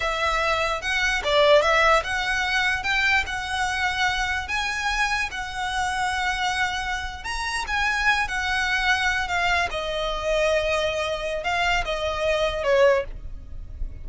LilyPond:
\new Staff \with { instrumentName = "violin" } { \time 4/4 \tempo 4 = 147 e''2 fis''4 d''4 | e''4 fis''2 g''4 | fis''2. gis''4~ | gis''4 fis''2.~ |
fis''4.~ fis''16 ais''4 gis''4~ gis''16~ | gis''16 fis''2~ fis''8 f''4 dis''16~ | dis''1 | f''4 dis''2 cis''4 | }